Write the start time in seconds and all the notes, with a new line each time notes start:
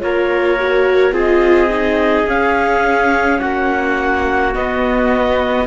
0.00 A#3 F4 A#4 C#5
0.59 F#4
1.12 C4 F4 G#4
1.19 D#5
1.69 D#4
2.26 C#4 F5
3.39 A#3 F#4 F#5
4.53 B3 D#5